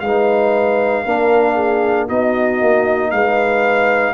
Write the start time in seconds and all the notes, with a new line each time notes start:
0.00 G#3 D#4 B4 F5
1.04 A#3 D4 A#4
1.55 G#4
2.07 B3 D#4 F#4 D#5
2.61 A#3
3.11 G#3 B4 F5